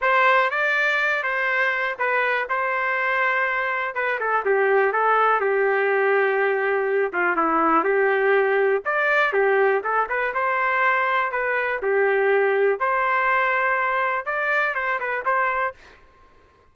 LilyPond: \new Staff \with { instrumentName = "trumpet" } { \time 4/4 \tempo 4 = 122 c''4 d''4. c''4. | b'4 c''2. | b'8 a'8 g'4 a'4 g'4~ | g'2~ g'8 f'8 e'4 |
g'2 d''4 g'4 | a'8 b'8 c''2 b'4 | g'2 c''2~ | c''4 d''4 c''8 b'8 c''4 | }